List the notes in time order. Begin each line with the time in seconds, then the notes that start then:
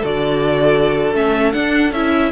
0.00 D3 F#4 A4 D5
1.13 A3 C#4 E5
1.52 D4 F#5
1.92 C#4 E4 E5